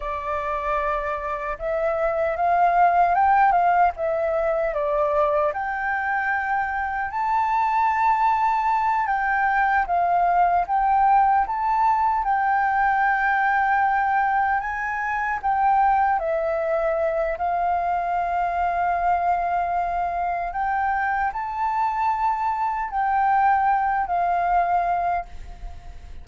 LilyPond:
\new Staff \with { instrumentName = "flute" } { \time 4/4 \tempo 4 = 76 d''2 e''4 f''4 | g''8 f''8 e''4 d''4 g''4~ | g''4 a''2~ a''8 g''8~ | g''8 f''4 g''4 a''4 g''8~ |
g''2~ g''8 gis''4 g''8~ | g''8 e''4. f''2~ | f''2 g''4 a''4~ | a''4 g''4. f''4. | }